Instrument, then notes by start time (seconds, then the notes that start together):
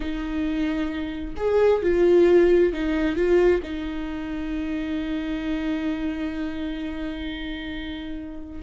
viola
0.00 D#4
1.36 G#4
1.82 F4
2.73 D#4
3.16 F4
3.63 D#4